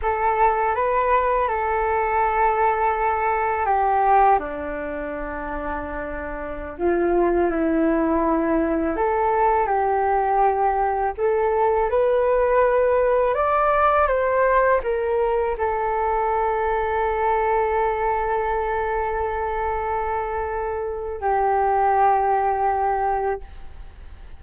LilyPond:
\new Staff \with { instrumentName = "flute" } { \time 4/4 \tempo 4 = 82 a'4 b'4 a'2~ | a'4 g'4 d'2~ | d'4~ d'16 f'4 e'4.~ e'16~ | e'16 a'4 g'2 a'8.~ |
a'16 b'2 d''4 c''8.~ | c''16 ais'4 a'2~ a'8.~ | a'1~ | a'4 g'2. | }